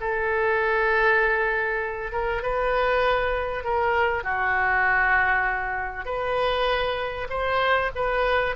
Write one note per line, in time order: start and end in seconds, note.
0.00 2.12 A4
2.12 2.42 A#4
2.42 3.64 B4
3.64 4.23 A#4
4.23 6.05 F#4
6.05 7.27 B4
7.29 7.91 C5
7.95 8.55 B4